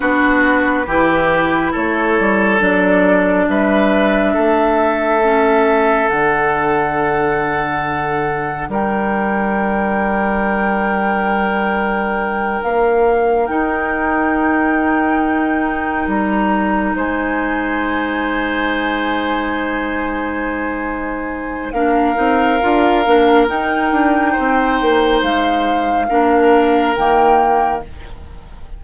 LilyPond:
<<
  \new Staff \with { instrumentName = "flute" } { \time 4/4 \tempo 4 = 69 b'2 cis''4 d''4 | e''2. fis''4~ | fis''2 g''2~ | g''2~ g''8 f''4 g''8~ |
g''2~ g''8 ais''4 gis''8~ | gis''1~ | gis''4 f''2 g''4~ | g''4 f''2 g''4 | }
  \new Staff \with { instrumentName = "oboe" } { \time 4/4 fis'4 g'4 a'2 | b'4 a'2.~ | a'2 ais'2~ | ais'1~ |
ais'2.~ ais'8 c''8~ | c''1~ | c''4 ais'2. | c''2 ais'2 | }
  \new Staff \with { instrumentName = "clarinet" } { \time 4/4 d'4 e'2 d'4~ | d'2 cis'4 d'4~ | d'1~ | d'2.~ d'8 dis'8~ |
dis'1~ | dis'1~ | dis'4 d'8 dis'8 f'8 d'8 dis'4~ | dis'2 d'4 ais4 | }
  \new Staff \with { instrumentName = "bassoon" } { \time 4/4 b4 e4 a8 g8 fis4 | g4 a2 d4~ | d2 g2~ | g2~ g8 ais4 dis'8~ |
dis'2~ dis'8 g4 gis8~ | gis1~ | gis4 ais8 c'8 d'8 ais8 dis'8 d'8 | c'8 ais8 gis4 ais4 dis4 | }
>>